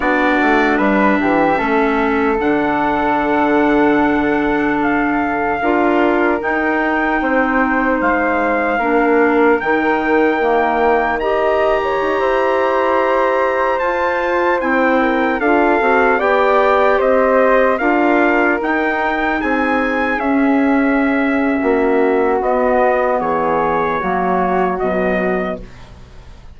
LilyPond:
<<
  \new Staff \with { instrumentName = "trumpet" } { \time 4/4 \tempo 4 = 75 d''4 e''2 fis''4~ | fis''2 f''2 | g''2 f''2 | g''2 ais''2~ |
ais''4~ ais''16 a''4 g''4 f''8.~ | f''16 g''4 dis''4 f''4 g''8.~ | g''16 gis''4 e''2~ e''8. | dis''4 cis''2 dis''4 | }
  \new Staff \with { instrumentName = "flute" } { \time 4/4 fis'4 b'8 g'8 a'2~ | a'2. ais'4~ | ais'4 c''2 ais'4~ | ais'2 dis''8. cis''8 c''8.~ |
c''2~ c''8. ais'8 a'8.~ | a'16 d''4 c''4 ais'4.~ ais'16~ | ais'16 gis'2~ gis'8. fis'4~ | fis'4 gis'4 fis'2 | }
  \new Staff \with { instrumentName = "clarinet" } { \time 4/4 d'2 cis'4 d'4~ | d'2. f'4 | dis'2. d'4 | dis'4 ais4 g'2~ |
g'4~ g'16 f'4 e'4 f'8 fis'16~ | fis'16 g'2 f'4 dis'8.~ | dis'4~ dis'16 cis'2~ cis'8. | b2 ais4 fis4 | }
  \new Staff \with { instrumentName = "bassoon" } { \time 4/4 b8 a8 g8 e8 a4 d4~ | d2. d'4 | dis'4 c'4 gis4 ais4 | dis2. dis'16 e'8.~ |
e'4~ e'16 f'4 c'4 d'8 c'16~ | c'16 b4 c'4 d'4 dis'8.~ | dis'16 c'4 cis'4.~ cis'16 ais4 | b4 e4 fis4 b,4 | }
>>